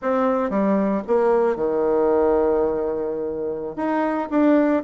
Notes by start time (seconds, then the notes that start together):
0.02 C4
0.50 G3
1.07 A#3
1.56 D#3
3.76 D#4
4.30 D4